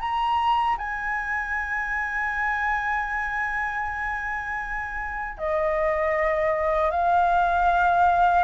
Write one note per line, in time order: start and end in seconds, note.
0.00 0.77 A#5
0.78 5.38 G#5
5.38 6.91 D#5
6.91 8.44 F5